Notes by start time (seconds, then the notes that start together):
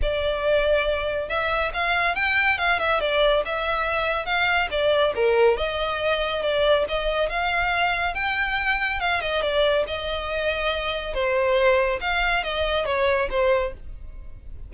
0.02 D5
1.29 E5
1.73 F5
2.15 G5
2.58 F5
2.79 E5
3.00 D5
3.45 E5
4.25 F5
4.70 D5
5.15 A#4
5.56 D#5
6.42 D5
6.88 D#5
7.29 F5
8.14 G5
8.99 F5
9.20 D#5
9.41 D5
9.87 D#5
11.14 C5
12.00 F5
12.43 D#5
12.85 C#5
13.30 C5